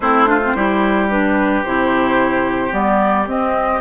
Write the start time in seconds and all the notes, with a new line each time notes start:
0.00 A3 C4 E4 C5
0.26 D4 F4
0.44 C4
0.54 G3 E4 G4
1.09 D4 B4
1.63 C3 E4 C5
2.71 G3 B3 D5
3.26 C4 D#5